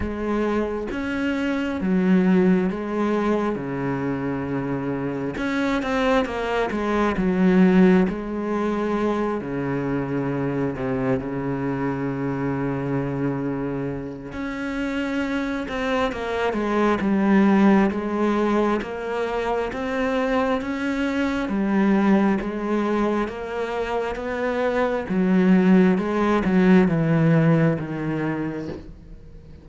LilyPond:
\new Staff \with { instrumentName = "cello" } { \time 4/4 \tempo 4 = 67 gis4 cis'4 fis4 gis4 | cis2 cis'8 c'8 ais8 gis8 | fis4 gis4. cis4. | c8 cis2.~ cis8 |
cis'4. c'8 ais8 gis8 g4 | gis4 ais4 c'4 cis'4 | g4 gis4 ais4 b4 | fis4 gis8 fis8 e4 dis4 | }